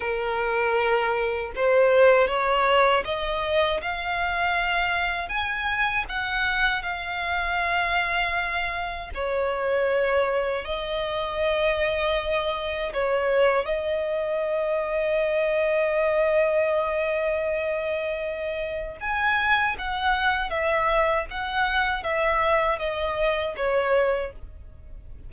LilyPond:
\new Staff \with { instrumentName = "violin" } { \time 4/4 \tempo 4 = 79 ais'2 c''4 cis''4 | dis''4 f''2 gis''4 | fis''4 f''2. | cis''2 dis''2~ |
dis''4 cis''4 dis''2~ | dis''1~ | dis''4 gis''4 fis''4 e''4 | fis''4 e''4 dis''4 cis''4 | }